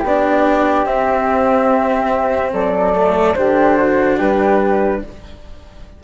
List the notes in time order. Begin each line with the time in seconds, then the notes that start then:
0.00 B3 G4
0.06 D4 D5
0.85 C4 E5
2.53 F#3 A4 D5
2.94 A3
3.35 D3 D4 G4 C5
3.77 F#4
4.19 G3 G4 B4